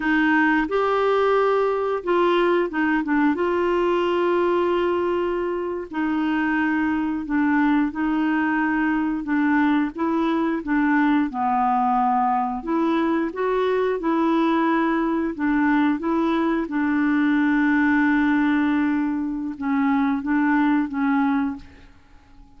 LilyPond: \new Staff \with { instrumentName = "clarinet" } { \time 4/4 \tempo 4 = 89 dis'4 g'2 f'4 | dis'8 d'8 f'2.~ | f'8. dis'2 d'4 dis'16~ | dis'4.~ dis'16 d'4 e'4 d'16~ |
d'8. b2 e'4 fis'16~ | fis'8. e'2 d'4 e'16~ | e'8. d'2.~ d'16~ | d'4 cis'4 d'4 cis'4 | }